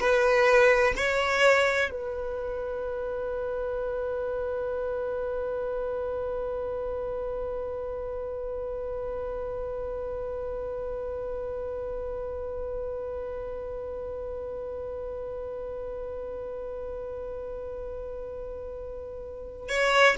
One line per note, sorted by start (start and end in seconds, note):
0.00 0.94 B4
0.97 1.90 C#5
1.91 19.69 B4
19.69 20.16 C#5